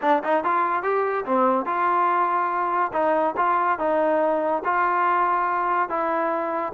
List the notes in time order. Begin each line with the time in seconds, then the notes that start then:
0.01 D4
0.23 D#4
0.43 F4
0.82 G4
1.25 C4
1.65 F4
2.92 D#4
3.36 F4
3.79 D#4
4.64 F4
5.89 E4